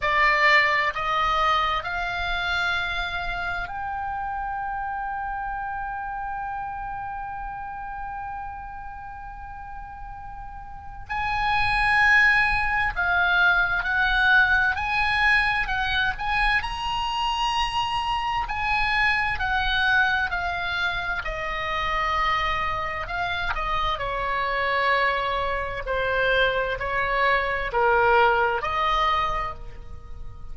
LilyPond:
\new Staff \with { instrumentName = "oboe" } { \time 4/4 \tempo 4 = 65 d''4 dis''4 f''2 | g''1~ | g''1 | gis''2 f''4 fis''4 |
gis''4 fis''8 gis''8 ais''2 | gis''4 fis''4 f''4 dis''4~ | dis''4 f''8 dis''8 cis''2 | c''4 cis''4 ais'4 dis''4 | }